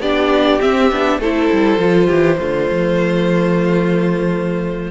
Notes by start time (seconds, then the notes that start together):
0.00 B3 D4 G4 D5
0.60 C4 E5
0.91 B3 D4
1.18 A3 E4 A4 C5
1.52 G3
1.78 F3 F4
2.07 E3 G4
2.38 D3 A3 F4
2.71 F3